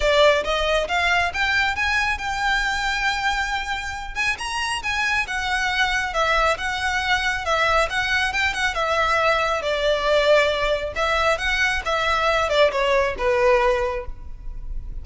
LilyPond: \new Staff \with { instrumentName = "violin" } { \time 4/4 \tempo 4 = 137 d''4 dis''4 f''4 g''4 | gis''4 g''2.~ | g''4. gis''8 ais''4 gis''4 | fis''2 e''4 fis''4~ |
fis''4 e''4 fis''4 g''8 fis''8 | e''2 d''2~ | d''4 e''4 fis''4 e''4~ | e''8 d''8 cis''4 b'2 | }